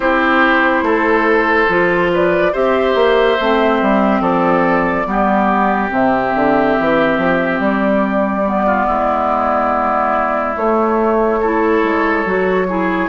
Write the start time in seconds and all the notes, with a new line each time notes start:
0.00 C4 E4 G4 C5
0.82 A3 A4
1.68 F3 F4
2.13 B4 D5
2.52 C4 G4 C5 E5
2.94 A#3
3.40 A3 C4
3.81 G3
4.21 F3 A4 D5
5.05 G3 B3 G4
5.89 C3 C4 E5
6.34 D3
6.80 E3
7.18 F3
7.59 G3 D5
8.45 B3
8.66 F4
8.86 G#3 E4
10.55 A3 C#5
11.40 E4 A4
11.83 G#3
12.25 F#3 F#4
12.67 E4 G#4